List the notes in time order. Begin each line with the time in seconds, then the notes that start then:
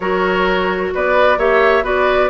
0.00 F#3 F#4 A#4 C#5
0.94 B3 B4 D5
1.37 A#3 G4 C#5 E5
1.82 B3 F#4 B4 D5